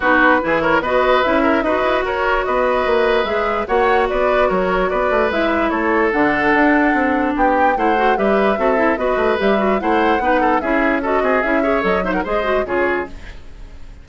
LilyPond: <<
  \new Staff \with { instrumentName = "flute" } { \time 4/4 \tempo 4 = 147 b'4. cis''8 dis''4 e''4 | dis''4 cis''4 dis''2 | e''4 fis''4 d''4 cis''4 | d''4 e''4 cis''4 fis''4~ |
fis''2 g''4 fis''4 | e''2 dis''4 e''4 | fis''2 e''4 dis''4 | e''4 dis''8 e''16 fis''16 dis''4 cis''4 | }
  \new Staff \with { instrumentName = "oboe" } { \time 4/4 fis'4 gis'8 ais'8 b'4. ais'8 | b'4 ais'4 b'2~ | b'4 cis''4 b'4 ais'4 | b'2 a'2~ |
a'2 g'4 c''4 | b'4 a'4 b'2 | c''4 b'8 a'8 gis'4 a'8 gis'8~ | gis'8 cis''4 c''16 ais'16 c''4 gis'4 | }
  \new Staff \with { instrumentName = "clarinet" } { \time 4/4 dis'4 e'4 fis'4 e'4 | fis'1 | gis'4 fis'2.~ | fis'4 e'2 d'4~ |
d'2. e'8 fis'8 | g'4 fis'8 e'8 fis'4 g'8 fis'8 | e'4 dis'4 e'4 fis'4 | e'8 gis'8 a'8 dis'8 gis'8 fis'8 f'4 | }
  \new Staff \with { instrumentName = "bassoon" } { \time 4/4 b4 e4 b4 cis'4 | dis'8 e'8 fis'4 b4 ais4 | gis4 ais4 b4 fis4 | b8 a8 gis4 a4 d4 |
d'4 c'4 b4 a4 | g4 c'4 b8 a8 g4 | a4 b4 cis'4. c'8 | cis'4 fis4 gis4 cis4 | }
>>